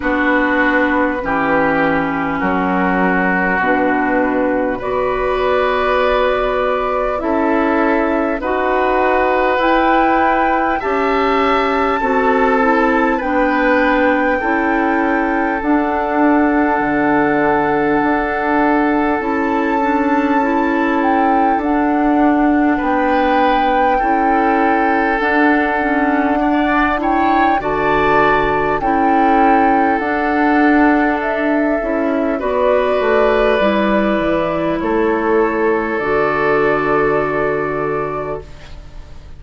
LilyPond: <<
  \new Staff \with { instrumentName = "flute" } { \time 4/4 \tempo 4 = 50 b'2 ais'4 b'4 | d''2 e''4 fis''4 | g''4 a''2 g''4~ | g''4 fis''2. |
a''4. g''8 fis''4 g''4~ | g''4 fis''4. g''8 a''4 | g''4 fis''4 e''4 d''4~ | d''4 cis''4 d''2 | }
  \new Staff \with { instrumentName = "oboe" } { \time 4/4 fis'4 g'4 fis'2 | b'2 a'4 b'4~ | b'4 e''4 a'4 b'4 | a'1~ |
a'2. b'4 | a'2 d''8 cis''8 d''4 | a'2. b'4~ | b'4 a'2. | }
  \new Staff \with { instrumentName = "clarinet" } { \time 4/4 d'4 cis'2 d'4 | fis'2 e'4 fis'4 | e'4 g'4 fis'8 e'8 d'4 | e'4 d'2. |
e'8 d'8 e'4 d'2 | e'4 d'8 cis'8 d'8 e'8 fis'4 | e'4 d'4. e'8 fis'4 | e'2 fis'2 | }
  \new Staff \with { instrumentName = "bassoon" } { \time 4/4 b4 e4 fis4 b,4 | b2 cis'4 dis'4 | e'4 cis'4 c'4 b4 | cis'4 d'4 d4 d'4 |
cis'2 d'4 b4 | cis'4 d'2 d4 | cis'4 d'4. cis'8 b8 a8 | g8 e8 a4 d2 | }
>>